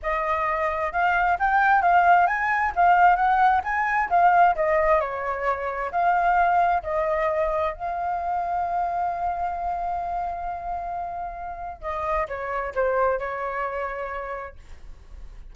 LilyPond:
\new Staff \with { instrumentName = "flute" } { \time 4/4 \tempo 4 = 132 dis''2 f''4 g''4 | f''4 gis''4 f''4 fis''4 | gis''4 f''4 dis''4 cis''4~ | cis''4 f''2 dis''4~ |
dis''4 f''2.~ | f''1~ | f''2 dis''4 cis''4 | c''4 cis''2. | }